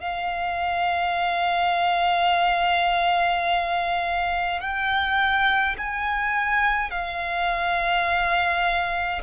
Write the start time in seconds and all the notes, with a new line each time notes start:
0.00 F5
4.61 G5
5.78 G#5
6.91 F5